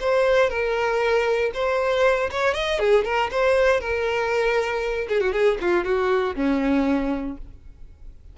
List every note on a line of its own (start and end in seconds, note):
0.00 0.50 C5
0.50 1.51 A#4
1.54 2.30 C5
2.31 2.54 C#5
2.54 2.79 D#5
2.79 3.04 G#4
3.04 3.30 A#4
3.31 3.80 C5
3.80 5.08 A#4
5.08 5.20 G#4
5.20 5.32 F#4
5.32 5.58 G#4
5.61 5.84 F4
5.84 6.35 F#4
6.36 7.37 C#4